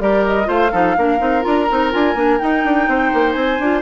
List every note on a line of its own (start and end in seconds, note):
0.00 0.48 G3
0.00 0.45 G4
0.00 0.48 A#4
0.00 0.25 D5
0.27 0.50 D#5
0.45 0.72 A3
0.45 0.69 F4
0.45 0.72 C5
0.45 1.43 F5
0.72 0.97 F3
0.72 0.97 D#4
0.72 0.96 A4
0.98 1.21 A#3
0.98 1.19 D4
0.98 2.90 A#4
1.19 1.45 C4
1.19 1.42 D#4
1.42 1.70 D4
1.42 1.66 F4
1.42 1.91 A#5
1.71 1.95 C4
1.71 1.92 D#4
1.92 2.16 D4
1.92 2.16 F4
1.92 2.39 G#5
2.16 2.40 A#3
2.16 2.40 D4
2.39 3.60 D#4
2.39 2.65 D#4
2.39 3.33 G5
2.65 2.88 D4
2.88 3.12 C4
2.88 3.83 C5
3.14 3.36 A#3
3.33 3.60 C4
3.33 3.81 G#5
3.60 3.83 D4
3.60 3.83 F4